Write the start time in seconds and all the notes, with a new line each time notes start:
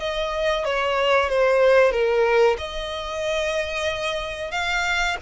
0.00 D#5
0.65 C#5
1.29 C5
1.92 A#4
2.58 D#5
4.51 F5